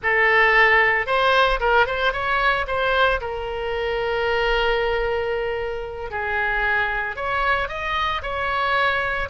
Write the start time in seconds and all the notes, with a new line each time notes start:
0.02 A4
1.06 C5
1.60 A#4
1.86 C5
2.12 C#5
2.67 C5
3.21 A#4
6.11 G#4
7.16 C#5
7.68 D#5
8.22 C#5